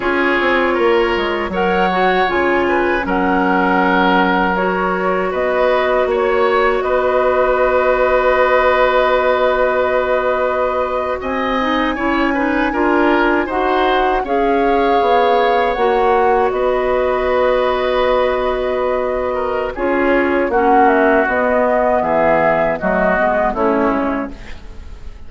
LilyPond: <<
  \new Staff \with { instrumentName = "flute" } { \time 4/4 \tempo 4 = 79 cis''2 fis''4 gis''4 | fis''2 cis''4 dis''4 | cis''4 dis''2.~ | dis''2~ dis''8. gis''4~ gis''16~ |
gis''4.~ gis''16 fis''4 f''4~ f''16~ | f''8. fis''4 dis''2~ dis''16~ | dis''2 cis''4 fis''8 e''8 | dis''4 e''4 dis''4 cis''4 | }
  \new Staff \with { instrumentName = "oboe" } { \time 4/4 gis'4 ais'4 cis''4. b'8 | ais'2. b'4 | cis''4 b'2.~ | b'2~ b'8. dis''4 cis''16~ |
cis''16 b'8 ais'4 c''4 cis''4~ cis''16~ | cis''4.~ cis''16 b'2~ b'16~ | b'4. ais'8 gis'4 fis'4~ | fis'4 gis'4 fis'4 e'4 | }
  \new Staff \with { instrumentName = "clarinet" } { \time 4/4 f'2 ais'8 fis'8 f'4 | cis'2 fis'2~ | fis'1~ | fis'2.~ fis'16 dis'8 e'16~ |
e'16 dis'8 f'4 fis'4 gis'4~ gis'16~ | gis'8. fis'2.~ fis'16~ | fis'2 f'4 cis'4 | b2 a8 b8 cis'4 | }
  \new Staff \with { instrumentName = "bassoon" } { \time 4/4 cis'8 c'8 ais8 gis8 fis4 cis4 | fis2. b4 | ais4 b2.~ | b2~ b8. c'4 cis'16~ |
cis'8. d'4 dis'4 cis'4 b16~ | b8. ais4 b2~ b16~ | b2 cis'4 ais4 | b4 e4 fis8 gis8 a8 gis8 | }
>>